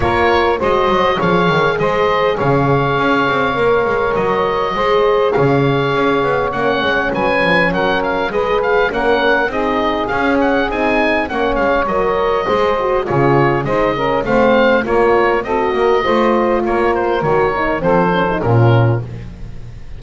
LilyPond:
<<
  \new Staff \with { instrumentName = "oboe" } { \time 4/4 \tempo 4 = 101 cis''4 dis''4 f''4 dis''4 | f''2. dis''4~ | dis''4 f''2 fis''4 | gis''4 fis''8 f''8 dis''8 f''8 fis''4 |
dis''4 f''8 fis''8 gis''4 fis''8 f''8 | dis''2 cis''4 dis''4 | f''4 cis''4 dis''2 | cis''8 c''8 cis''4 c''4 ais'4 | }
  \new Staff \with { instrumentName = "saxophone" } { \time 4/4 ais'4 c''4 cis''4 c''4 | cis''1 | c''4 cis''2. | b'4 ais'4 b'4 ais'4 |
gis'2. cis''4~ | cis''4 c''4 gis'4 c''8 ais'8 | c''4 ais'4 a'8 ais'8 c''4 | ais'2 a'4 f'4 | }
  \new Staff \with { instrumentName = "horn" } { \time 4/4 f'4 fis'4 gis'2~ | gis'2 ais'2 | gis'2. cis'4~ | cis'2 gis'4 cis'4 |
dis'4 cis'4 dis'4 cis'4 | ais'4 gis'8 fis'8 f'4 dis'8 cis'8 | c'4 f'4 fis'4 f'4~ | f'4 fis'8 dis'8 c'8 cis'16 dis'16 cis'4 | }
  \new Staff \with { instrumentName = "double bass" } { \time 4/4 ais4 gis8 fis8 f8 dis8 gis4 | cis4 cis'8 c'8 ais8 gis8 fis4 | gis4 cis4 cis'8 b8 ais8 gis8 | fis8 f8 fis4 gis4 ais4 |
c'4 cis'4 c'4 ais8 gis8 | fis4 gis4 cis4 gis4 | a4 ais4 c'8 ais8 a4 | ais4 dis4 f4 ais,4 | }
>>